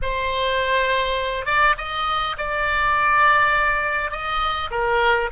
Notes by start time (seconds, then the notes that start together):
0.02 C5
1.45 D5
1.77 D#5
2.37 D5
4.11 D#5
4.71 A#4